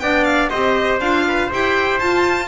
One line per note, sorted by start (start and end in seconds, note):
0.00 0.51 B3
0.00 0.51 D4
0.00 0.50 D5
0.00 0.24 G5
0.24 0.49 F5
0.49 1.00 C4
0.49 1.01 G4
0.49 1.25 C5
0.49 0.99 D#5
1.00 1.50 D4
1.00 1.51 F4
1.00 1.50 F5
1.28 1.46 B4
1.46 2.01 G4
1.46 2.46 C5
1.52 2.02 E4
1.52 1.99 G5
1.99 2.48 F4
1.99 2.48 A5